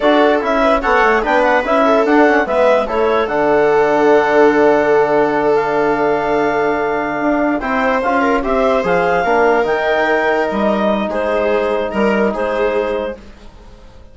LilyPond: <<
  \new Staff \with { instrumentName = "clarinet" } { \time 4/4 \tempo 4 = 146 d''4 e''4 fis''4 g''8 fis''8 | e''4 fis''4 e''4 cis''4 | fis''1~ | fis''4. f''2~ f''8~ |
f''2~ f''8 g''4 f''8~ | f''8 e''4 f''2 g''8~ | g''4. dis''4. c''4~ | c''4 ais'4 c''2 | }
  \new Staff \with { instrumentName = "viola" } { \time 4/4 a'4. b'8 cis''4 b'4~ | b'8 a'4. b'4 a'4~ | a'1~ | a'1~ |
a'2~ a'8 c''4. | ais'8 c''2 ais'4.~ | ais'2. gis'4~ | gis'4 ais'4 gis'2 | }
  \new Staff \with { instrumentName = "trombone" } { \time 4/4 fis'4 e'4 a'4 d'4 | e'4 d'8 cis'8 b4 e'4 | d'1~ | d'1~ |
d'2~ d'8 e'4 f'8~ | f'8 g'4 gis'4 d'4 dis'8~ | dis'1~ | dis'1 | }
  \new Staff \with { instrumentName = "bassoon" } { \time 4/4 d'4 cis'4 b8 a8 b4 | cis'4 d'4 gis4 a4 | d1~ | d1~ |
d4. d'4 c'4 cis'8~ | cis'8 c'4 f4 ais4 dis8~ | dis4. g4. gis4~ | gis4 g4 gis2 | }
>>